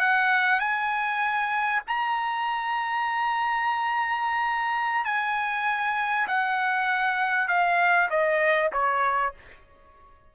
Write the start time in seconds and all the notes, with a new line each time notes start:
0.00 F#5
0.60 G#5
1.87 A#5
5.05 G#5
6.28 F#5
7.48 F5
8.10 D#5
8.72 C#5